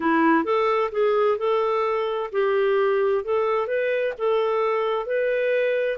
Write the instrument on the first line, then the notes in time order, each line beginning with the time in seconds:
clarinet
0.00 E4
0.44 A4
0.91 G#4
1.37 A4
2.32 G4
3.24 A4
3.67 B4
4.17 A4
5.05 B4